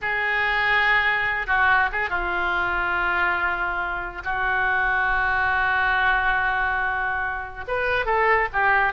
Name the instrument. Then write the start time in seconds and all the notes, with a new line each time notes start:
oboe
0.01 G#4
1.47 F#4
1.91 G#4
2.09 F4
4.24 F#4
7.67 B4
8.05 A4
8.52 G4